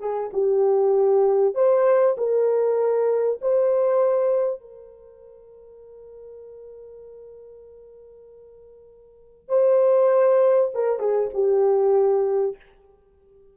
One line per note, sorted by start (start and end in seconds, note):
0.00 0.31 G#4
0.33 1.55 G4
1.55 2.16 C5
2.18 3.40 A#4
3.41 4.61 C5
4.61 9.49 A#4
9.49 10.71 C5
10.74 11.00 A#4
11.00 11.30 G#4
11.34 12.56 G4